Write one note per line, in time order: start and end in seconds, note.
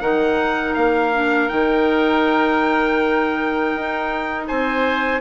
0.00 0.75 D#3
0.00 1.12 D#4
0.00 4.46 A#4
0.00 0.74 F#5
0.74 1.50 A#3
0.74 1.48 F5
1.13 1.49 D4
1.48 3.74 D#3
1.48 5.19 D#4
1.48 4.45 G5
3.75 4.49 D#4
4.47 5.21 C4
4.47 5.21 C5
4.47 5.21 G#5